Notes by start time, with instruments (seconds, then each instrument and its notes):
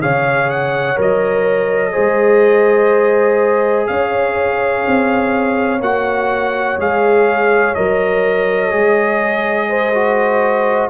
0.00 tuba C#3, trombone G#4, horn C#5, trumpet F5
0.50 trumpet F#5
0.96 tuba F#3, trombone A#4, trumpet D#5
1.92 tuba G#3, trombone G#4, horn C5
3.87 tuba C#4, horn C#5, trumpet F5
4.87 tuba C4
5.81 tuba A#3, trombone F#4, trumpet F#5
6.78 tuba G#3, trombone G#4, trumpet F5
7.74 tuba F#3, trombone A#4, trumpet D#5
8.71 tuba G#3, trombone G#4
9.69 horn C5
9.94 trombone F#4